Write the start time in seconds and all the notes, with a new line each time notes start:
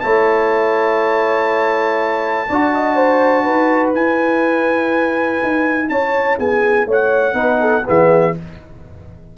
0.00 A3 E4 C#5 A5
2.49 D4 F#4 D5
2.74 D#5
2.96 C5
3.43 D#4 B4
3.94 E4 G#5
5.42 D#4
5.89 C#4 C#5 A5
6.38 B3 G#4 G#5
6.86 A3 C#5 F#5
7.33 B3 D#4 B4
7.60 A4
7.83 E3 B3 G#4 E5